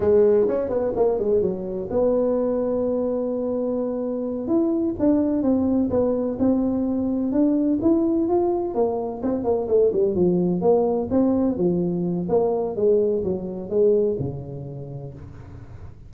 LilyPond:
\new Staff \with { instrumentName = "tuba" } { \time 4/4 \tempo 4 = 127 gis4 cis'8 b8 ais8 gis8 fis4 | b1~ | b4. e'4 d'4 c'8~ | c'8 b4 c'2 d'8~ |
d'8 e'4 f'4 ais4 c'8 | ais8 a8 g8 f4 ais4 c'8~ | c'8 f4. ais4 gis4 | fis4 gis4 cis2 | }